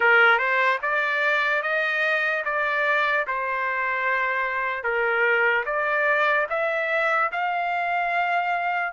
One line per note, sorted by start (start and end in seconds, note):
0.00 0.38 A#4
0.38 0.79 C5
0.81 1.62 D5
1.62 2.43 D#5
2.45 3.26 D5
3.27 4.83 C5
4.83 5.64 A#4
5.65 6.46 D5
6.49 7.30 E5
7.32 8.92 F5